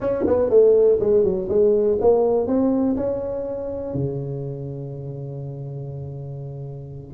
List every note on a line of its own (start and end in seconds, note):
0.00 0.25 C#4
0.26 0.49 B3
0.49 0.98 A3
0.99 1.23 G#3
1.23 1.48 F#3
1.48 1.98 G#3
2.00 2.46 A#3
2.46 2.96 C4
2.96 3.94 C#4
3.94 7.13 C#3